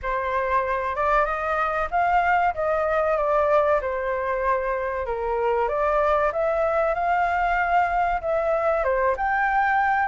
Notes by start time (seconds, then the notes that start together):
0.02 C5
0.95 D5
1.25 D#5
1.90 F5
2.54 D#5
3.17 D5
3.81 C5
5.06 A#4
5.68 D5
6.32 E5
6.94 F5
8.21 E5
8.84 C5
9.17 G5